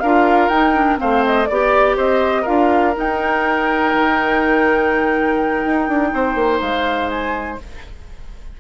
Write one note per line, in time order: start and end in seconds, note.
0.00 0.49 D4
0.00 0.53 F4
0.00 1.00 A#4
0.00 0.49 F5
0.49 0.98 D#4
0.49 0.76 D#4
0.49 0.98 G5
0.76 0.97 D4
0.97 1.50 A3
0.97 1.46 C4
0.97 1.49 C5
0.97 1.25 F5
1.26 1.47 D#5
1.47 1.97 B3
1.47 2.46 G4
1.47 1.95 D5
1.47 1.97 D5
1.97 2.46 C4
1.97 2.42 C5
1.97 2.46 D#5
2.42 2.94 F4
2.42 6.08 A#4
2.42 2.95 F5
2.48 2.97 D4
2.95 7.58 D#4
2.95 3.94 D#4
2.95 6.62 G5
3.94 5.65 D#3
5.66 5.88 D#4
5.88 6.13 D4
6.14 6.35 C4
6.14 7.61 C5
6.35 6.60 A#3
6.62 7.59 G#3
6.62 7.10 F5
7.10 7.59 G#5